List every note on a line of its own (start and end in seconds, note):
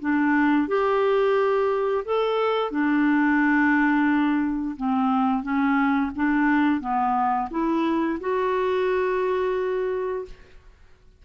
0.00 0.68 D4
0.68 2.04 G4
2.05 2.71 A4
2.71 4.75 D4
4.76 5.43 C4
5.43 6.11 C#4
6.15 6.80 D4
6.80 7.48 B3
7.50 8.18 E4
8.20 10.25 F#4